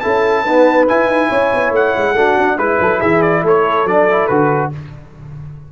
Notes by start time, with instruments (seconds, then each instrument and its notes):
0.00 tuba C#4, trombone E4, horn A4, trumpet A5
0.44 trombone B3, tuba D#4, horn B4
0.87 trombone E4, tuba E4, trumpet G#5
1.06 tuba D#4
1.29 tuba C#4, horn C#5
1.54 tuba B3
1.71 tuba A3, trumpet F#5
1.96 tuba G#3
2.13 tuba A3, trombone D4, horn F#4
2.37 tuba D4
2.57 tuba G#3, horn E4, trombone E4, trumpet B4
2.80 tuba F#3, horn A4
3.00 tuba E3, horn G#4, trumpet E5
3.21 trumpet D5
3.43 tuba A3, horn A4, trumpet C#5
3.84 tuba F#3, trombone D4, trumpet D5
4.10 trombone E4
4.27 tuba D3, trombone F#4, trumpet B4